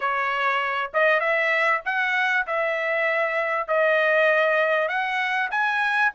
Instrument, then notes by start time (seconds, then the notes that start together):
trumpet
0.00 C#5
0.93 D#5
1.20 E5
1.85 F#5
2.47 E5
3.67 D#5
4.88 F#5
5.50 G#5